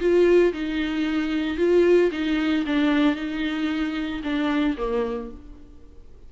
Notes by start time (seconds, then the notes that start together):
0.00 F4
0.53 D#4
1.58 F4
2.12 D#4
2.66 D4
3.16 D#4
4.24 D4
4.78 A#3